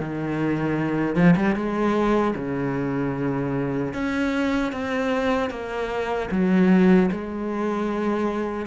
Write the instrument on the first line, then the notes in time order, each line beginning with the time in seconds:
cello
0.00 D#3
1.16 F3
1.36 G3
1.55 G#3
2.36 C#3
3.94 C#4
4.72 C4
5.50 A#3
6.31 F#3
7.12 G#3